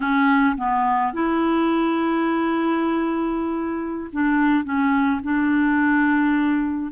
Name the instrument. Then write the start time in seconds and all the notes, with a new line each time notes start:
clarinet
0.00 C#4
0.57 B3
1.13 E4
4.12 D4
4.64 C#4
5.23 D4